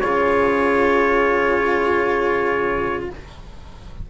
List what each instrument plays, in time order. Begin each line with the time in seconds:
0.00 bassoon C#3, cello F4, horn G#4, trumpet C#5